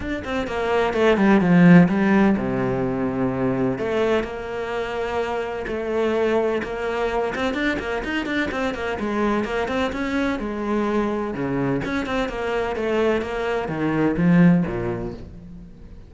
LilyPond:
\new Staff \with { instrumentName = "cello" } { \time 4/4 \tempo 4 = 127 d'8 c'8 ais4 a8 g8 f4 | g4 c2. | a4 ais2. | a2 ais4. c'8 |
d'8 ais8 dis'8 d'8 c'8 ais8 gis4 | ais8 c'8 cis'4 gis2 | cis4 cis'8 c'8 ais4 a4 | ais4 dis4 f4 ais,4 | }